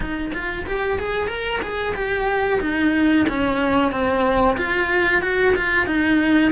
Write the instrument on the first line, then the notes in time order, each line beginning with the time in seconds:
cello
0.00 D#4
0.33 F4
0.66 G4
0.98 G#4
1.27 A#4
1.62 G#4
1.94 G4
2.61 D#4
3.28 C#4
3.91 C4
4.57 F4
5.21 F#4
5.55 F4
5.86 D#4